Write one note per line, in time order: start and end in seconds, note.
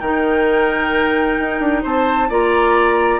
0.00 1.38 D#3
0.00 2.30 D#4
0.00 1.83 A#4
0.00 1.83 G5
1.38 1.59 D#4
1.59 1.82 D4
1.83 2.30 C4
1.83 2.29 C5
1.83 2.31 A5
2.29 3.20 A#3
2.29 3.20 F4
2.29 3.20 D5
2.29 3.20 A#5